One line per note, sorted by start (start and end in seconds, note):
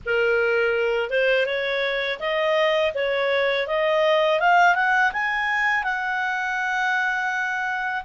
0.05 1.09 A#4
1.09 1.46 C5
1.46 2.19 C#5
2.19 2.92 D#5
2.94 3.67 C#5
3.67 4.40 D#5
4.40 4.75 F5
4.75 5.12 F#5
5.13 5.83 G#5
5.83 8.03 F#5